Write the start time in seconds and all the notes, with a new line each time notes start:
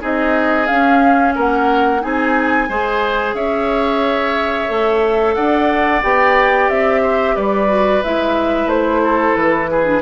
0.00 C4 D#4 G#4 D#5
0.66 C#4 F5
1.34 A#3 A#4 F#5
2.01 C4 D#4 G#4 G#5
2.68 G#3 G#4 C5
3.33 C#4 C#5 E5
4.68 A3 A4
5.34 D4 D5 F#5
6.03 B3 G4 G5
6.69 C4 E5
7.02 C5
7.35 G3 B4 D5
7.67 F#4
8.03 G#3 E4 E5
8.66 A3 C5
9.03 A4
9.35 E3 B4
9.70 G#4
9.84 D4